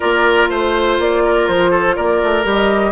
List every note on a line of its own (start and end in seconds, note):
0.00 0.49 A#3
0.00 2.43 F4
0.00 0.49 A#4
0.00 0.49 D5
0.49 0.98 A3
0.49 1.23 C5
0.49 0.99 C5
0.98 1.48 A#3
0.98 1.47 D5
1.24 1.70 A#4
1.47 1.97 F3
1.47 1.95 C5
1.70 1.95 A4
1.95 2.22 A#3
1.95 2.91 A#4
1.95 2.44 D5
2.23 2.44 A3
2.43 2.91 G3
2.43 2.91 G4
2.43 2.91 D#5